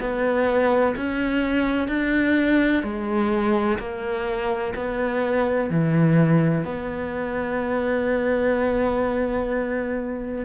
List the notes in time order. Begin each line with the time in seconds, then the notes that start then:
0.00 B3
0.97 C#4
1.88 D4
2.83 G#3
3.79 A#3
4.75 B3
5.70 E3
6.65 B3